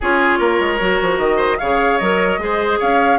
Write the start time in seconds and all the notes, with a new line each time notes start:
0.00 C#4 F4 G#4 C#5
0.39 A#3 A#4
0.60 G#3
0.79 F#3 F#4
1.01 F3
1.18 D#3 D#5
1.36 C5
1.58 C#3 G#4 C#5 F5
1.98 F#3 A#4 D#5
2.38 G#3 G#4 C5
2.79 C#4 C#5 F5